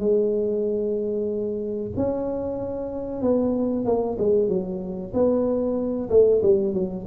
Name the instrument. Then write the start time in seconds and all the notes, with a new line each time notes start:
tuba
0.00 G#3
1.97 C#4
3.22 B3
3.86 A#3
4.19 G#3
4.49 F#3
5.14 B3
6.10 A3
6.43 G3
6.74 F#3